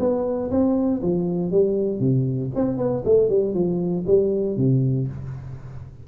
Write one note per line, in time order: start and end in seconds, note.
0.00 0.51 B3
0.51 1.02 C4
1.03 1.52 F3
1.52 2.00 G3
2.00 2.51 C3
2.56 2.78 C4
2.78 3.04 B3
3.05 3.30 A3
3.30 3.54 G3
3.54 4.05 F3
4.07 4.57 G3
4.57 5.08 C3